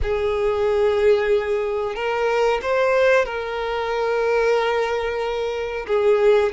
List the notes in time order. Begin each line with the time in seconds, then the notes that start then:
0.02 G#4
1.95 A#4
2.62 C5
3.25 A#4
5.87 G#4